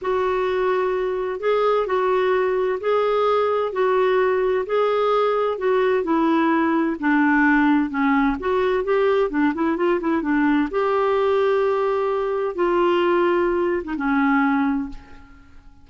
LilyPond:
\new Staff \with { instrumentName = "clarinet" } { \time 4/4 \tempo 4 = 129 fis'2. gis'4 | fis'2 gis'2 | fis'2 gis'2 | fis'4 e'2 d'4~ |
d'4 cis'4 fis'4 g'4 | d'8 e'8 f'8 e'8 d'4 g'4~ | g'2. f'4~ | f'4.~ f'16 dis'16 cis'2 | }